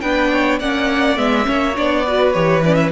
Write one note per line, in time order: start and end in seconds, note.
0.00 0.60 B3
0.00 0.61 D4
0.00 0.31 B4
0.00 0.58 G5
0.31 0.59 C#5
0.59 1.17 A#3
0.59 1.17 C#4
0.59 1.46 D5
0.59 1.17 F#5
1.17 1.46 G#3
1.17 1.43 B3
1.17 1.75 E5
1.43 1.77 A#3
1.43 1.72 C#4
1.43 2.05 C#5
1.76 2.34 B3
1.76 2.05 D4
1.76 2.33 D5
2.05 2.34 F#4
2.05 2.91 B4
2.33 2.91 E3
2.33 2.63 G4
2.33 2.62 C#5
2.65 2.91 C#4
2.65 2.75 D5
2.75 2.89 E5